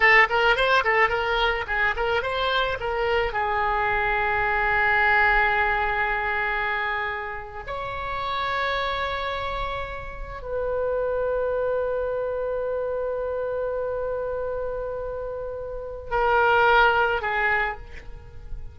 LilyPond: \new Staff \with { instrumentName = "oboe" } { \time 4/4 \tempo 4 = 108 a'8 ais'8 c''8 a'8 ais'4 gis'8 ais'8 | c''4 ais'4 gis'2~ | gis'1~ | gis'4.~ gis'16 cis''2~ cis''16~ |
cis''2~ cis''8. b'4~ b'16~ | b'1~ | b'1~ | b'4 ais'2 gis'4 | }